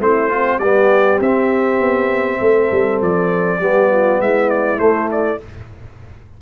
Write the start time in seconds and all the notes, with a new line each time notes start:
0.00 A3 C4 E4 C5
0.29 C4 F4
0.58 G3 B3 G4 D5
1.20 C4 E5
1.80 B3
2.41 A3 A4
2.72 G3
3.02 F3 D5
3.60 G3 B3 G4
3.91 F4
4.21 G#3 E4 E5
4.50 D5
4.78 A3 C5
5.12 D5